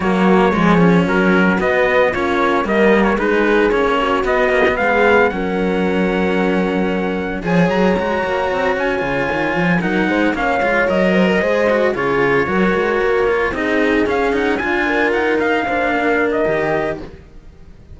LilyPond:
<<
  \new Staff \with { instrumentName = "trumpet" } { \time 4/4 \tempo 4 = 113 cis''2 ais'4 dis''4 | cis''4 dis''8. cis''16 b'4 cis''4 | dis''4 f''4 fis''2~ | fis''2 gis''8 ais''4.~ |
ais''8 gis''2 fis''4 f''8~ | f''8 dis''2 cis''4.~ | cis''4. dis''4 f''8 fis''8 gis''8~ | gis''8 fis''8 f''4.~ f''16 dis''4~ dis''16 | }
  \new Staff \with { instrumentName = "horn" } { \time 4/4 fis'4 gis'4 fis'2 | f'4 ais'4 gis'4. fis'8~ | fis'4 gis'4 ais'2~ | ais'2 cis''2~ |
cis''2~ cis''8 ais'8 c''8 cis''8~ | cis''4 c''16 ais'16 c''4 gis'4 ais'8~ | ais'4. gis'2 f'8 | ais'4. c''8 ais'2 | }
  \new Staff \with { instrumentName = "cello" } { \time 4/4 ais4 gis8 cis'4. b4 | cis'4 ais4 dis'4 cis'4 | b8 ais16 b4~ b16 cis'2~ | cis'2 gis'4 fis'4~ |
fis'4 f'4. dis'4 cis'8 | f'8 ais'4 gis'8 fis'8 f'4 fis'8~ | fis'4 f'8 dis'4 cis'8 dis'8 f'8~ | f'4 dis'8 d'4. g'4 | }
  \new Staff \with { instrumentName = "cello" } { \time 4/4 fis4 f4 fis4 b4 | ais4 g4 gis4 ais4 | b4 gis4 fis2~ | fis2 f8 fis8 gis8 ais8 |
c'8 cis'8 cis8 dis8 f8 fis8 gis8 ais8 | gis8 fis4 gis4 cis4 fis8 | gis8 ais4 c'4 cis'4 d'8~ | d'8 dis'4 ais4. dis4 | }
>>